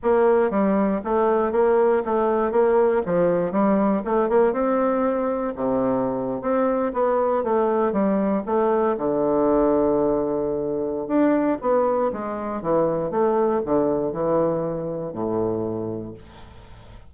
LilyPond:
\new Staff \with { instrumentName = "bassoon" } { \time 4/4 \tempo 4 = 119 ais4 g4 a4 ais4 | a4 ais4 f4 g4 | a8 ais8 c'2 c4~ | c8. c'4 b4 a4 g16~ |
g8. a4 d2~ d16~ | d2 d'4 b4 | gis4 e4 a4 d4 | e2 a,2 | }